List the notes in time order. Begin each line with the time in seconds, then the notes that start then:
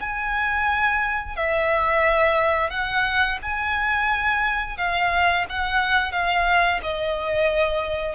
0.00 G#5
1.36 E5
2.70 F#5
3.42 G#5
4.77 F5
5.49 F#5
6.12 F5
6.83 D#5